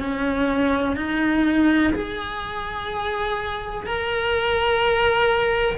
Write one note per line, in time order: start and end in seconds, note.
0.00 0.97 C#4
0.97 1.94 D#4
1.94 3.87 G#4
3.87 5.78 A#4